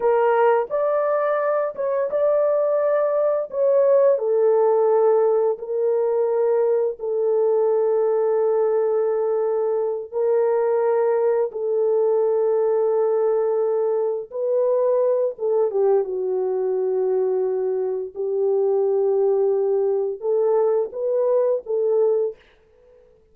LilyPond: \new Staff \with { instrumentName = "horn" } { \time 4/4 \tempo 4 = 86 ais'4 d''4. cis''8 d''4~ | d''4 cis''4 a'2 | ais'2 a'2~ | a'2~ a'8 ais'4.~ |
ais'8 a'2.~ a'8~ | a'8 b'4. a'8 g'8 fis'4~ | fis'2 g'2~ | g'4 a'4 b'4 a'4 | }